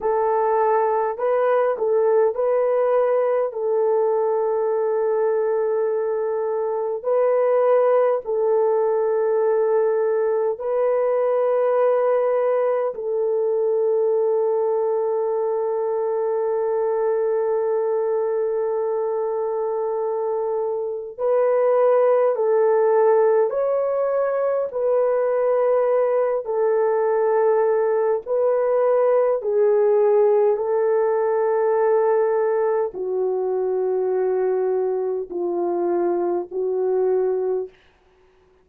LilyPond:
\new Staff \with { instrumentName = "horn" } { \time 4/4 \tempo 4 = 51 a'4 b'8 a'8 b'4 a'4~ | a'2 b'4 a'4~ | a'4 b'2 a'4~ | a'1~ |
a'2 b'4 a'4 | cis''4 b'4. a'4. | b'4 gis'4 a'2 | fis'2 f'4 fis'4 | }